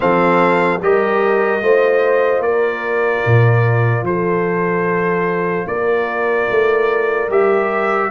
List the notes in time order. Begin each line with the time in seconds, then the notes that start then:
0.00 F3 C4 A4 F5
0.81 G3 G4 A#4 D#5
1.61 A3 F4 C5
2.39 A#3 A#4 D5
3.26 A#2
4.02 F3 A4 C5
5.66 A#3 A#4 D5
6.50 A3
7.28 G3 G4 E5